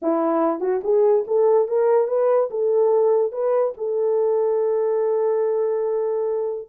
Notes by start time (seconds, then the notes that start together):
0.02 E4
0.60 F#4
0.83 G#4
1.27 A4
1.68 A#4
2.07 B4
2.50 A4
3.31 B4
3.77 A4